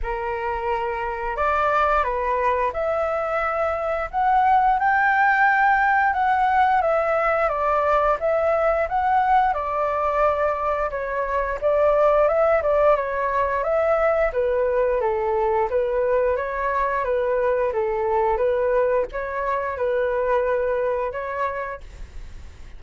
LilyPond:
\new Staff \with { instrumentName = "flute" } { \time 4/4 \tempo 4 = 88 ais'2 d''4 b'4 | e''2 fis''4 g''4~ | g''4 fis''4 e''4 d''4 | e''4 fis''4 d''2 |
cis''4 d''4 e''8 d''8 cis''4 | e''4 b'4 a'4 b'4 | cis''4 b'4 a'4 b'4 | cis''4 b'2 cis''4 | }